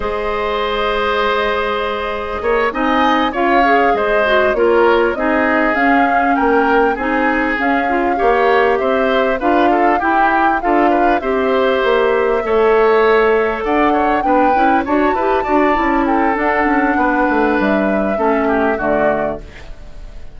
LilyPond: <<
  \new Staff \with { instrumentName = "flute" } { \time 4/4 \tempo 4 = 99 dis''1~ | dis''8 gis''4 f''4 dis''4 cis''8~ | cis''8 dis''4 f''4 g''4 gis''8~ | gis''8 f''2 e''4 f''8~ |
f''8 g''4 f''4 e''4.~ | e''2~ e''8 fis''4 g''8~ | g''8 a''2 g''8 fis''4~ | fis''4 e''2 d''4 | }
  \new Staff \with { instrumentName = "oboe" } { \time 4/4 c''1 | cis''8 dis''4 cis''4 c''4 ais'8~ | ais'8 gis'2 ais'4 gis'8~ | gis'4. cis''4 c''4 b'8 |
a'8 g'4 a'8 b'8 c''4.~ | c''8 cis''2 d''8 cis''8 b'8~ | b'8 cis''8 b'8 d''4 a'4. | b'2 a'8 g'8 fis'4 | }
  \new Staff \with { instrumentName = "clarinet" } { \time 4/4 gis'1~ | gis'8 dis'4 f'8 gis'4 fis'8 f'8~ | f'8 dis'4 cis'2 dis'8~ | dis'8 cis'8 f'8 g'2 f'8~ |
f'8 e'4 f'4 g'4.~ | g'8 a'2. d'8 | e'8 fis'8 g'8 fis'8 e'4 d'4~ | d'2 cis'4 a4 | }
  \new Staff \with { instrumentName = "bassoon" } { \time 4/4 gis1 | ais8 c'4 cis'4 gis4 ais8~ | ais8 c'4 cis'4 ais4 c'8~ | c'8 cis'4 ais4 c'4 d'8~ |
d'8 e'4 d'4 c'4 ais8~ | ais8 a2 d'4 b8 | cis'8 d'8 e'8 d'8 cis'4 d'8 cis'8 | b8 a8 g4 a4 d4 | }
>>